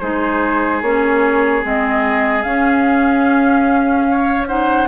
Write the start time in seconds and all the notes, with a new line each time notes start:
0.00 G#3 D#4 G#4 C5
0.82 A#3 C#4 C#5
1.62 G#3 C4 D#5
2.43 C#4 F5
4.11 C#5
4.48 D#4 C5 F#5